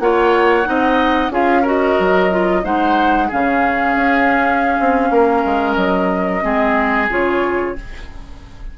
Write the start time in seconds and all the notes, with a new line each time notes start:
0.00 A#3 F4 C#5 F#5
0.64 C4 D#4 D#5
1.30 C#4 F4 G#4 F5
1.62 F#4 A#4 D#5
1.99 F#3
2.31 F4
2.63 G#3 D#4 C5 F#5
3.28 C#3 C#4 G#4 F5
3.96 C#4
4.80 C4
5.11 A#3 A#4
5.45 G#3
5.75 F#3 D#5
6.42 G#3 C4 G#4
7.10 C#3 F4 C#5